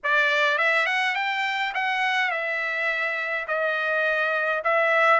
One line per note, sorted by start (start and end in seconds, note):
0.03 0.58 D5
0.58 0.86 E5
0.86 1.15 F#5
1.15 1.73 G5
1.74 2.31 F#5
2.31 3.46 E5
3.47 4.63 D#5
4.63 5.19 E5